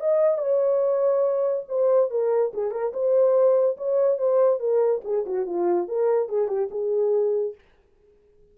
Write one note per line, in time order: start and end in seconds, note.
0.00 0.38 D#5
0.38 1.64 C#5
1.68 2.10 C5
2.10 2.52 A#4
2.54 2.71 G#4
2.71 2.92 A#4
2.93 3.77 C5
3.77 4.18 C#5
4.18 4.60 C5
4.60 5.02 A#4
5.04 5.25 G#4
5.26 5.46 F#4
5.46 5.88 F4
5.88 6.29 A#4
6.29 6.48 G#4
6.48 6.69 G4
6.71 7.55 G#4